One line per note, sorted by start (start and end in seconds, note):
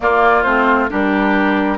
0.00 0.43 A#3
0.00 0.44 A#3
0.00 0.90 F4
0.00 0.42 D5
0.42 0.89 A3
0.42 0.89 C4
0.42 0.86 C5
0.89 1.78 G3
0.89 1.78 D4
0.89 1.78 G4
0.89 1.78 A#4